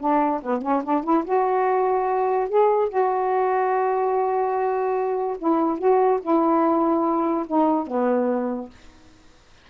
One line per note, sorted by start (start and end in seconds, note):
0.00 0.41 D4
0.42 0.62 B3
0.62 0.83 C#4
0.84 1.04 D4
1.04 1.25 E4
1.25 2.49 F#4
2.49 2.89 G#4
2.89 5.37 F#4
5.38 5.79 E4
5.79 6.20 F#4
6.22 7.46 E4
7.47 7.87 D#4
7.87 8.70 B3